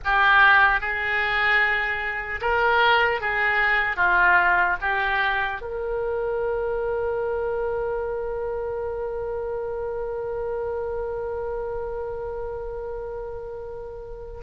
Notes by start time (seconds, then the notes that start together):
0.04 G4
0.80 G#4
2.41 A#4
3.20 G#4
3.96 F4
4.81 G4
5.61 A#4